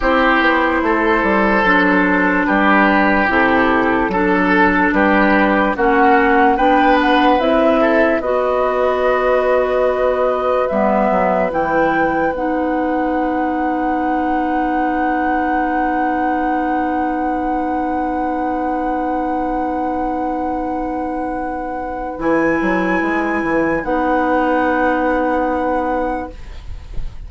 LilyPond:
<<
  \new Staff \with { instrumentName = "flute" } { \time 4/4 \tempo 4 = 73 c''2. b'4 | a'2 b'4 fis''4 | g''8 fis''8 e''4 dis''2~ | dis''4 e''4 g''4 fis''4~ |
fis''1~ | fis''1~ | fis''2. gis''4~ | gis''4 fis''2. | }
  \new Staff \with { instrumentName = "oboe" } { \time 4/4 g'4 a'2 g'4~ | g'4 a'4 g'4 fis'4 | b'4. a'8 b'2~ | b'1~ |
b'1~ | b'1~ | b'1~ | b'1 | }
  \new Staff \with { instrumentName = "clarinet" } { \time 4/4 e'2 d'2 | e'4 d'2 cis'4 | d'4 e'4 fis'2~ | fis'4 b4 e'4 dis'4~ |
dis'1~ | dis'1~ | dis'2. e'4~ | e'4 dis'2. | }
  \new Staff \with { instrumentName = "bassoon" } { \time 4/4 c'8 b8 a8 g8 fis4 g4 | c4 fis4 g4 ais4 | b4 c'4 b2~ | b4 g8 fis8 e4 b4~ |
b1~ | b1~ | b2. e8 fis8 | gis8 e8 b2. | }
>>